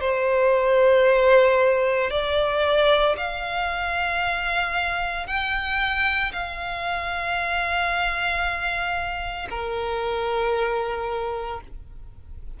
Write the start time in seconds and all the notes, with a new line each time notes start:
0.00 C5
2.10 D5
3.17 F5
5.26 G5
6.32 F5
9.50 A#4